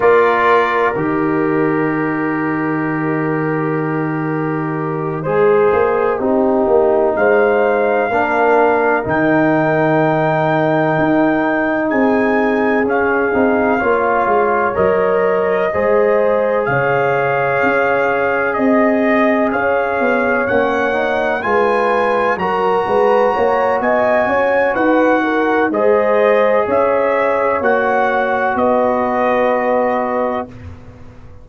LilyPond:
<<
  \new Staff \with { instrumentName = "trumpet" } { \time 4/4 \tempo 4 = 63 d''4 dis''2.~ | dis''2.~ dis''8 f''8~ | f''4. g''2~ g''8~ | g''8 gis''4 f''2 dis''8~ |
dis''4. f''2 dis''8~ | dis''8 f''4 fis''4 gis''4 ais''8~ | ais''4 gis''4 fis''4 dis''4 | e''4 fis''4 dis''2 | }
  \new Staff \with { instrumentName = "horn" } { \time 4/4 ais'1~ | ais'4. c''4 g'4 c''8~ | c''8 ais'2.~ ais'8~ | ais'8 gis'2 cis''4.~ |
cis''8 c''4 cis''2 dis''8~ | dis''8 cis''2 b'4 ais'8 | b'8 cis''8 dis''8 cis''8 b'8 ais'8 c''4 | cis''2 b'2 | }
  \new Staff \with { instrumentName = "trombone" } { \time 4/4 f'4 g'2.~ | g'4. gis'4 dis'4.~ | dis'8 d'4 dis'2~ dis'8~ | dis'4. cis'8 dis'8 f'4 ais'8~ |
ais'8 gis'2.~ gis'8~ | gis'4. cis'8 dis'8 f'4 fis'8~ | fis'2. gis'4~ | gis'4 fis'2. | }
  \new Staff \with { instrumentName = "tuba" } { \time 4/4 ais4 dis2.~ | dis4. gis8 ais8 c'8 ais8 gis8~ | gis8 ais4 dis2 dis'8~ | dis'8 c'4 cis'8 c'8 ais8 gis8 fis8~ |
fis8 gis4 cis4 cis'4 c'8~ | c'8 cis'8 b8 ais4 gis4 fis8 | gis8 ais8 b8 cis'8 dis'4 gis4 | cis'4 ais4 b2 | }
>>